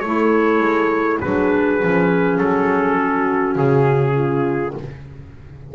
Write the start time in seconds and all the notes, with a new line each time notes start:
0.00 A3 E4 A4 C#5
0.60 G#3
1.20 F#3 D4 G#4 B4
1.81 F3 C#4
2.38 F#3 A4
2.99 F#4
3.56 C#3 G#4
4.15 F4